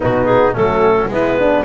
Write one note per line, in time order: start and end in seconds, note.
0.00 0.57 B2
0.00 0.53 B3
0.00 0.54 D#4
0.00 0.25 F#4
0.25 0.52 G#4
0.53 1.08 F#3
0.53 1.08 A3
0.53 1.09 C#4
0.53 1.09 A4
1.08 1.63 G#3
1.08 1.64 B3
1.08 1.38 E4
1.08 1.64 B4
1.39 1.64 D4